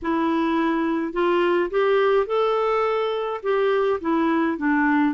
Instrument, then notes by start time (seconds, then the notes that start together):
clarinet
0.02 E4
1.12 F4
1.70 G4
2.26 A4
3.43 G4
4.01 E4
4.57 D4